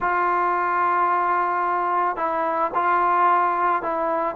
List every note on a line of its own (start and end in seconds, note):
0.00 2.16 F4
2.16 2.71 E4
2.74 3.82 F4
3.82 4.35 E4